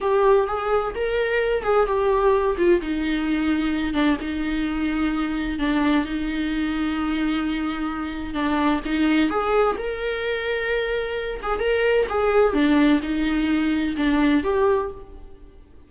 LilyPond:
\new Staff \with { instrumentName = "viola" } { \time 4/4 \tempo 4 = 129 g'4 gis'4 ais'4. gis'8 | g'4. f'8 dis'2~ | dis'8 d'8 dis'2. | d'4 dis'2.~ |
dis'2 d'4 dis'4 | gis'4 ais'2.~ | ais'8 gis'8 ais'4 gis'4 d'4 | dis'2 d'4 g'4 | }